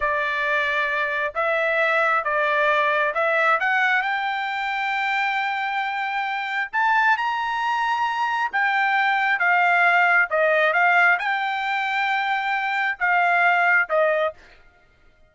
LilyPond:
\new Staff \with { instrumentName = "trumpet" } { \time 4/4 \tempo 4 = 134 d''2. e''4~ | e''4 d''2 e''4 | fis''4 g''2.~ | g''2. a''4 |
ais''2. g''4~ | g''4 f''2 dis''4 | f''4 g''2.~ | g''4 f''2 dis''4 | }